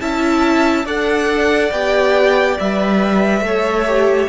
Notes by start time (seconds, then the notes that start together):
0.00 C#4 E4 E5 A5
0.85 D4 A4 D5 F#5
1.71 B3 G4 G5
2.59 G3 B4 E5
3.41 A3 A4 C#5
3.87 G4